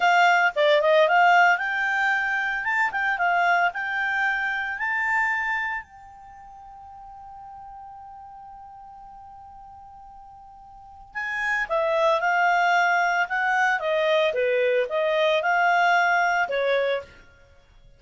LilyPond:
\new Staff \with { instrumentName = "clarinet" } { \time 4/4 \tempo 4 = 113 f''4 d''8 dis''8 f''4 g''4~ | g''4 a''8 g''8 f''4 g''4~ | g''4 a''2 g''4~ | g''1~ |
g''1~ | g''4 gis''4 e''4 f''4~ | f''4 fis''4 dis''4 b'4 | dis''4 f''2 cis''4 | }